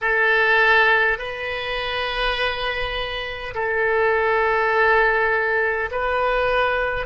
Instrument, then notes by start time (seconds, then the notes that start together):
oboe
0.01 A4
1.18 B4
3.54 A4
5.91 B4